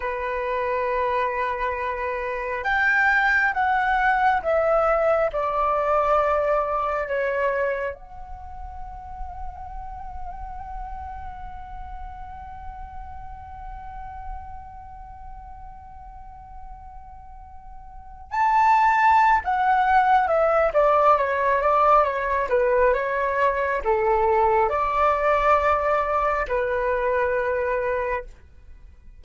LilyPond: \new Staff \with { instrumentName = "flute" } { \time 4/4 \tempo 4 = 68 b'2. g''4 | fis''4 e''4 d''2 | cis''4 fis''2.~ | fis''1~ |
fis''1~ | fis''8. a''4~ a''16 fis''4 e''8 d''8 | cis''8 d''8 cis''8 b'8 cis''4 a'4 | d''2 b'2 | }